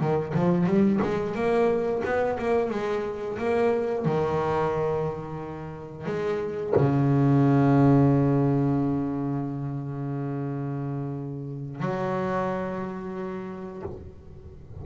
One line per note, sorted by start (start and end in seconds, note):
0.00 0.34 D#3
0.34 0.66 F3
0.66 1.00 G3
1.02 1.35 G#3
1.35 2.02 A#3
2.04 2.38 B3
2.38 2.70 A#3
2.70 3.37 G#3
3.38 4.05 A#3
4.05 6.06 D#3
6.06 6.73 G#3
6.75 11.80 C#3
11.80 13.82 F#3